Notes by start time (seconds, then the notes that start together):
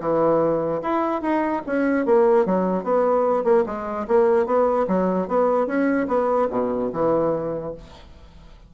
0.00 E3
0.82 E4
1.21 D#4
1.66 C#4
2.06 A#3
2.46 F#3
2.83 B3
3.44 A#3
3.66 G#3
4.07 A#3
4.46 B3
4.87 F#3
5.28 B3
5.67 C#4
6.07 B3
6.50 B2
6.93 E3